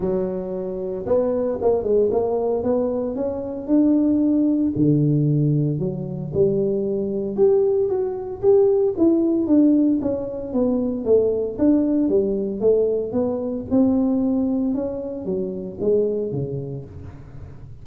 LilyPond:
\new Staff \with { instrumentName = "tuba" } { \time 4/4 \tempo 4 = 114 fis2 b4 ais8 gis8 | ais4 b4 cis'4 d'4~ | d'4 d2 fis4 | g2 g'4 fis'4 |
g'4 e'4 d'4 cis'4 | b4 a4 d'4 g4 | a4 b4 c'2 | cis'4 fis4 gis4 cis4 | }